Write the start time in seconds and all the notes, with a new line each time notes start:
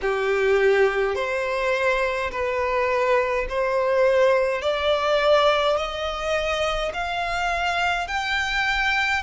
0.01 G4
1.15 C5
2.31 B4
3.49 C5
4.62 D5
5.76 D#5
6.93 F5
8.07 G5